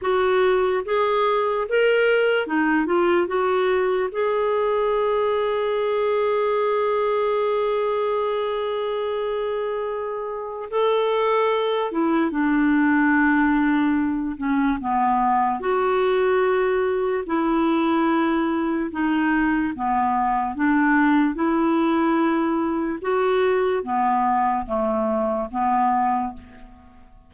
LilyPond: \new Staff \with { instrumentName = "clarinet" } { \time 4/4 \tempo 4 = 73 fis'4 gis'4 ais'4 dis'8 f'8 | fis'4 gis'2.~ | gis'1~ | gis'4 a'4. e'8 d'4~ |
d'4. cis'8 b4 fis'4~ | fis'4 e'2 dis'4 | b4 d'4 e'2 | fis'4 b4 a4 b4 | }